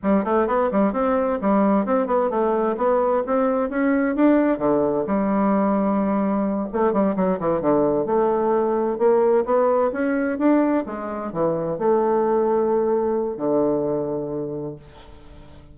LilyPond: \new Staff \with { instrumentName = "bassoon" } { \time 4/4 \tempo 4 = 130 g8 a8 b8 g8 c'4 g4 | c'8 b8 a4 b4 c'4 | cis'4 d'4 d4 g4~ | g2~ g8 a8 g8 fis8 |
e8 d4 a2 ais8~ | ais8 b4 cis'4 d'4 gis8~ | gis8 e4 a2~ a8~ | a4 d2. | }